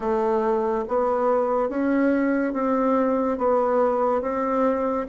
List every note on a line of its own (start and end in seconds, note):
0.00 0.85 A3
0.88 1.69 B3
1.69 2.53 C#4
2.53 3.38 C4
3.38 4.21 B3
4.21 5.06 C4